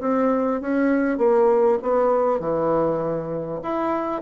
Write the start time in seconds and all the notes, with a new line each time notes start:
0.00 C4
0.61 C#4
1.18 A#3
1.82 B3
2.39 E3
3.63 E4